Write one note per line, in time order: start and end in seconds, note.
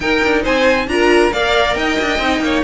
0.00 0.21 D#4
0.00 0.88 D#4
0.00 0.42 A#4
0.00 0.44 G5
0.23 0.45 D4
0.42 0.87 C4
0.42 0.86 C5
0.42 0.88 G#5
0.87 1.31 D4
0.87 1.32 F4
0.87 1.33 A#4
0.87 1.32 A#5
1.32 1.76 A#3
1.32 2.21 A#4
1.32 1.76 D5
1.32 1.75 F5
1.75 1.98 D#4
1.75 2.42 D#5
1.75 2.63 G5
2.00 2.19 D4
2.19 2.40 C4
2.19 2.63 D#4
2.40 2.62 A#3
2.40 2.63 C#5